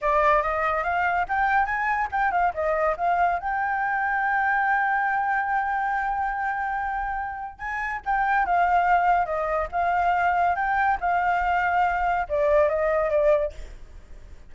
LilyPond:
\new Staff \with { instrumentName = "flute" } { \time 4/4 \tempo 4 = 142 d''4 dis''4 f''4 g''4 | gis''4 g''8 f''8 dis''4 f''4 | g''1~ | g''1~ |
g''2 gis''4 g''4 | f''2 dis''4 f''4~ | f''4 g''4 f''2~ | f''4 d''4 dis''4 d''4 | }